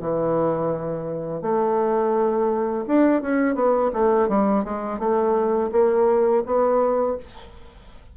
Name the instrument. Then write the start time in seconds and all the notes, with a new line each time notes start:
bassoon
0.00 E3
1.42 A3
2.87 D4
3.21 C#4
3.55 B3
3.93 A3
4.29 G3
4.64 G#3
4.99 A3
5.72 A#3
6.45 B3